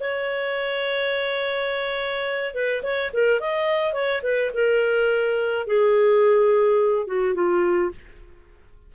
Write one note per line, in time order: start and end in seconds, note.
0.00 2.54 C#5
2.54 2.83 B4
2.83 3.11 C#5
3.13 3.40 A#4
3.40 3.93 D#5
3.93 4.22 C#5
4.23 4.51 B4
4.54 5.67 A#4
5.67 7.07 G#4
7.07 7.35 F#4
7.35 7.91 F4